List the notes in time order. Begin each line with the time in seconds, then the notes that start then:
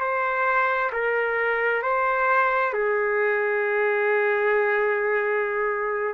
0.00 C5
0.93 A#4
1.83 C5
2.74 G#4